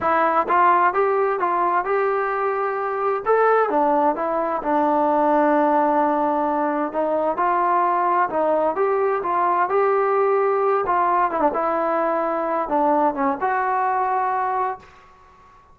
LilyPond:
\new Staff \with { instrumentName = "trombone" } { \time 4/4 \tempo 4 = 130 e'4 f'4 g'4 f'4 | g'2. a'4 | d'4 e'4 d'2~ | d'2. dis'4 |
f'2 dis'4 g'4 | f'4 g'2~ g'8 f'8~ | f'8 e'16 d'16 e'2~ e'8 d'8~ | d'8 cis'8 fis'2. | }